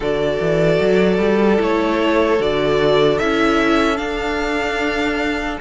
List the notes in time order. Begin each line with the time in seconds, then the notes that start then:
0.00 D3 F#4 A4 D5
0.40 E3
0.80 F#3
1.18 G3
1.57 A3 E4 C#5
2.39 D3 F#4 D5
3.18 C#4 E4 E5
3.96 D4 F5